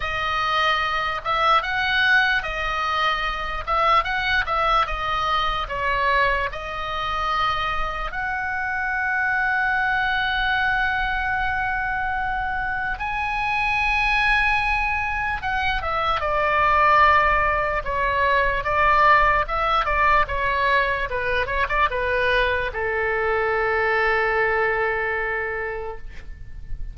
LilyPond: \new Staff \with { instrumentName = "oboe" } { \time 4/4 \tempo 4 = 74 dis''4. e''8 fis''4 dis''4~ | dis''8 e''8 fis''8 e''8 dis''4 cis''4 | dis''2 fis''2~ | fis''1 |
gis''2. fis''8 e''8 | d''2 cis''4 d''4 | e''8 d''8 cis''4 b'8 cis''16 d''16 b'4 | a'1 | }